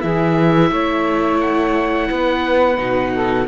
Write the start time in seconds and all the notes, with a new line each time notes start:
0.00 E3 E4 G#4 E5
0.71 A3 C#5
1.41 F#5
2.10 B3 B4
2.77 B2 D#4
3.13 A4